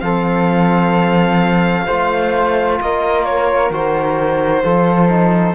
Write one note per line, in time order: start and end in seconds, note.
0.00 1.86 F3
0.00 1.87 C4
0.00 1.86 A4
0.00 2.77 F5
1.86 2.79 A3
1.86 3.72 F4
1.86 2.78 C5
2.81 3.70 A#3
2.81 4.64 A#4
2.81 3.25 D#5
3.25 3.71 C#5
3.70 4.62 D#3
3.70 4.63 F#4
3.70 5.54 C5
4.63 5.54 F3
4.63 5.09 F4
4.63 5.54 A4
5.09 5.54 D#4